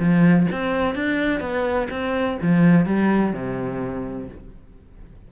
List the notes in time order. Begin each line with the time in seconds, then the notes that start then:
0.00 F3
0.52 C4
0.95 D4
1.41 B3
1.91 C4
2.42 F3
2.86 G3
3.33 C3